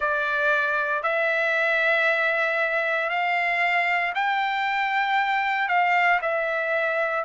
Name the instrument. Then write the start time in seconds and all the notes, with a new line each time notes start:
trumpet
0.00 D5
1.03 E5
3.09 F5
4.14 G5
5.68 F5
6.21 E5